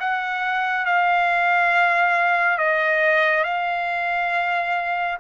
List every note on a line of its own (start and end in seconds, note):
0.00 0.85 F#5
0.85 2.58 F5
2.58 3.44 D#5
3.44 5.18 F5